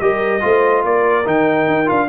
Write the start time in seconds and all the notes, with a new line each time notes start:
0.00 G3 G4 A#4 D#5
0.41 A3 F4 C5
0.85 A#3 A#4 D5
1.26 D#3 D#4 G5
1.68 D#4
1.87 D4 F4 F5